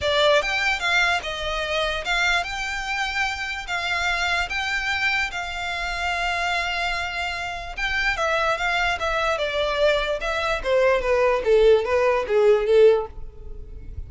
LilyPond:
\new Staff \with { instrumentName = "violin" } { \time 4/4 \tempo 4 = 147 d''4 g''4 f''4 dis''4~ | dis''4 f''4 g''2~ | g''4 f''2 g''4~ | g''4 f''2.~ |
f''2. g''4 | e''4 f''4 e''4 d''4~ | d''4 e''4 c''4 b'4 | a'4 b'4 gis'4 a'4 | }